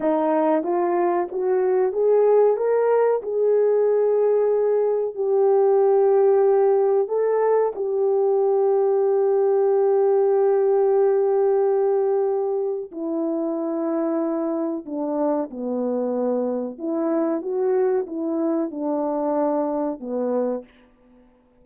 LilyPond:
\new Staff \with { instrumentName = "horn" } { \time 4/4 \tempo 4 = 93 dis'4 f'4 fis'4 gis'4 | ais'4 gis'2. | g'2. a'4 | g'1~ |
g'1 | e'2. d'4 | b2 e'4 fis'4 | e'4 d'2 b4 | }